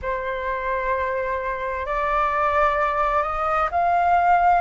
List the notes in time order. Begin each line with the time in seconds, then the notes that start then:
0.02 C5
1.86 D5
3.23 D#5
3.71 F5